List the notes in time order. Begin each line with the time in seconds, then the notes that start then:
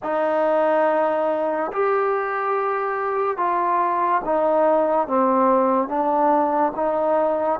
0.02 D#4
1.72 G4
3.37 F4
4.24 D#4
5.07 C4
5.88 D4
6.75 D#4